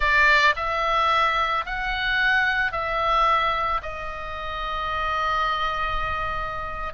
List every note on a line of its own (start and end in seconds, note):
0.00 0.54 D5
0.56 1.65 E5
1.65 2.71 F#5
2.71 3.81 E5
3.82 6.93 D#5